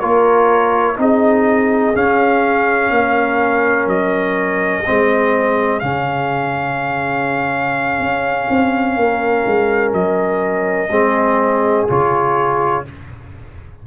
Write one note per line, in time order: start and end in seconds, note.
0.00 0.98 A#3
0.00 0.97 F4
0.00 0.97 A#4
0.00 0.97 C#5
0.97 1.95 C4
0.97 1.94 D#4
0.97 2.95 G#4
0.97 1.96 D#5
1.94 4.84 C#4
1.94 2.90 C#4
1.94 3.89 F5
2.90 3.87 A#3
2.90 4.88 A#4
3.87 4.84 F#3
3.87 5.80 D#5
4.86 5.83 G#3
4.86 5.81 C4
4.86 8.99 G#4
5.80 8.00 C#3
5.80 10.89 C#4
5.80 9.91 F5
8.00 8.48 C#4
8.50 8.97 C4
8.97 9.45 A#3
8.97 10.91 A#4
9.46 9.93 G#3
9.93 10.90 F#3
9.93 11.87 D#5
10.90 11.86 G#3
10.90 11.88 C4
10.90 12.85 G#4
11.88 12.87 C#3
11.88 12.85 F4
11.88 12.87 C#5